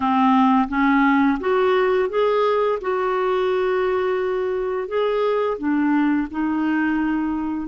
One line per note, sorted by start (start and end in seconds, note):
0.00 0.68 C4
0.68 1.38 C#4
1.40 2.09 F#4
2.09 2.78 G#4
2.81 4.87 F#4
4.87 5.57 G#4
5.58 6.27 D4
6.30 7.67 D#4